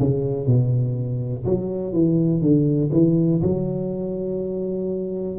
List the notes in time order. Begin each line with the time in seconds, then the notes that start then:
0.00 C#3
0.47 B2
1.45 F#3
1.93 E3
2.41 D3
2.92 E3
3.42 F#3